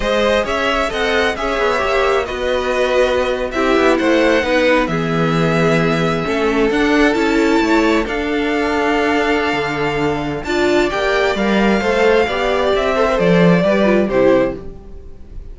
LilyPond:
<<
  \new Staff \with { instrumentName = "violin" } { \time 4/4 \tempo 4 = 132 dis''4 e''4 fis''4 e''4~ | e''4 dis''2~ dis''8. e''16~ | e''8. fis''2 e''4~ e''16~ | e''2~ e''8. fis''4 a''16~ |
a''4.~ a''16 f''2~ f''16~ | f''2. a''4 | g''4 f''2. | e''4 d''2 c''4 | }
  \new Staff \with { instrumentName = "violin" } { \time 4/4 c''4 cis''4 dis''4 cis''4~ | cis''4 b'2~ b'8. g'16~ | g'8. c''4 b'4 gis'4~ gis'16~ | gis'4.~ gis'16 a'2~ a'16~ |
a'8. cis''4 a'2~ a'16~ | a'2. d''4~ | d''2 c''4 d''4~ | d''8 c''4. b'4 g'4 | }
  \new Staff \with { instrumentName = "viola" } { \time 4/4 gis'2 a'4 gis'4 | g'4 fis'2~ fis'8. e'16~ | e'4.~ e'16 dis'4 b4~ b16~ | b4.~ b16 cis'4 d'4 e'16~ |
e'4.~ e'16 d'2~ d'16~ | d'2. f'4 | g'4 ais'4 a'4 g'4~ | g'8 a'16 ais'16 a'4 g'8 f'8 e'4 | }
  \new Staff \with { instrumentName = "cello" } { \time 4/4 gis4 cis'4 c'4 cis'8 b8 | ais4 b2~ b8. c'16~ | c'16 b8 a4 b4 e4~ e16~ | e4.~ e16 a4 d'4 cis'16~ |
cis'8. a4 d'2~ d'16~ | d'4 d2 d'4 | ais4 g4 a4 b4 | c'4 f4 g4 c4 | }
>>